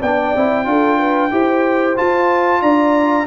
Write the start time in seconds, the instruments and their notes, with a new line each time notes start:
0.00 tuba B3, trombone D4, horn D5, trumpet G5
0.36 tuba C4, trombone E4
0.65 tuba D4, trombone F4, horn A4
0.99 horn B4
1.31 tuba E4, trombone G4, horn C5
1.96 trombone F4, tuba F4, trumpet A5
2.62 tuba D4, horn D5, trumpet A#5